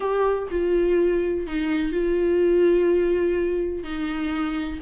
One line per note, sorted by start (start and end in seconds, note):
0.00 0.48 G4
0.50 1.46 F4
1.46 1.92 D#4
1.92 3.83 F4
3.83 4.79 D#4